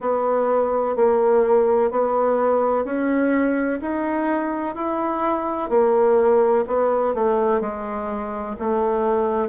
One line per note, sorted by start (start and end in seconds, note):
0.00 0.95 B3
0.95 1.90 A#3
1.90 2.84 B3
2.84 3.80 C#4
3.81 4.75 D#4
4.75 5.69 E4
5.69 6.65 A#3
6.67 7.14 B3
7.14 7.60 A3
7.60 8.55 G#3
8.59 9.48 A3